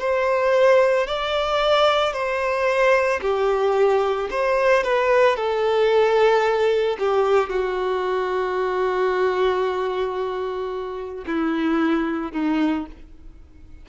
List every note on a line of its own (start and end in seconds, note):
0.00 1.07 C5
1.08 2.13 D5
2.13 3.20 C5
3.22 4.29 G4
4.31 4.84 C5
4.84 5.36 B4
5.36 6.97 A4
6.99 7.50 G4
7.50 11.25 F#4
11.26 12.33 E4
12.33 12.86 D#4